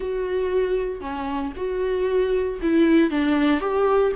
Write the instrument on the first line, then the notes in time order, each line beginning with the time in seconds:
viola
0.00 F#4
1.00 C#4
1.56 F#4
2.61 E4
3.10 D4
3.60 G4